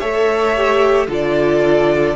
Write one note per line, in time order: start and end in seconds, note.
0.00 1.08 A3
0.00 0.56 A4
0.00 1.07 C#5
0.00 1.07 E5
0.56 1.08 G4
1.08 2.15 D3
1.08 2.15 F4
1.08 2.16 A4
1.08 2.16 D5